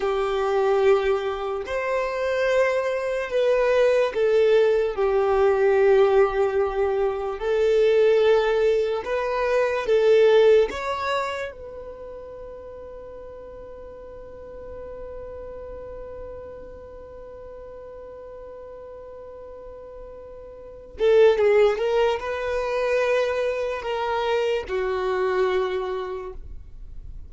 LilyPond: \new Staff \with { instrumentName = "violin" } { \time 4/4 \tempo 4 = 73 g'2 c''2 | b'4 a'4 g'2~ | g'4 a'2 b'4 | a'4 cis''4 b'2~ |
b'1~ | b'1~ | b'4. a'8 gis'8 ais'8 b'4~ | b'4 ais'4 fis'2 | }